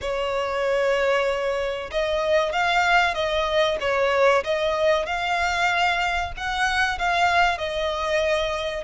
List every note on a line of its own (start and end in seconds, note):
0.01 1.90 C#5
1.91 2.52 D#5
2.52 3.14 F5
3.14 3.77 D#5
3.80 4.43 C#5
4.44 5.06 D#5
5.06 6.32 F5
6.36 6.98 F#5
6.98 7.58 F5
7.58 8.84 D#5